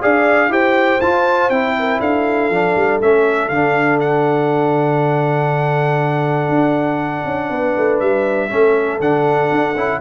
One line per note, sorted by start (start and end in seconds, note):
0.00 0.48 D4
0.00 0.49 G#4
0.00 0.50 D5
0.00 0.52 F5
0.48 0.98 E4
0.48 0.99 G4
0.48 1.77 C5
0.48 1.00 G5
1.00 1.49 F4
1.00 1.52 F4
1.00 1.50 A5
1.49 1.99 C4
1.49 2.52 E4
1.49 2.00 G5
1.78 1.99 A#4
1.99 2.49 D4
1.99 7.49 A4
1.99 3.00 F5
2.49 2.74 F3
2.49 3.01 D4
2.75 3.00 G3
3.01 3.49 A3
3.01 3.51 C#4
3.01 3.48 E5
3.48 6.49 D3
3.48 8.49 D4
3.48 3.98 F5
4.00 7.99 F#5
6.49 7.24 D4
7.25 7.49 C#4
7.49 7.74 B3
7.49 8.49 B4
7.77 8.00 A3
7.99 8.50 G3
7.99 8.99 E5
8.49 9.00 A3
8.49 8.99 C#4
8.49 9.99 A4
9.00 9.50 D3
9.00 9.75 D4
9.00 10.01 F#5
9.51 9.74 D4
9.74 9.99 C#4
9.74 10.01 E4